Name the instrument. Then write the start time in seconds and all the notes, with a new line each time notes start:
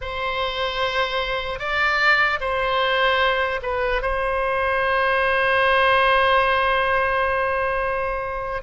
oboe
0.01 C5
1.59 D5
2.40 C5
3.62 B4
4.02 C5